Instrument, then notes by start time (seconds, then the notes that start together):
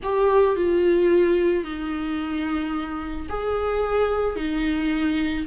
viola
0.02 G4
0.56 F4
1.64 D#4
3.29 G#4
4.36 D#4